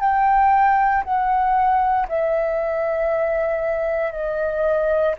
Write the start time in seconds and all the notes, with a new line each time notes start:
0.00 G5
1.04 F#5
2.08 E5
4.12 D#5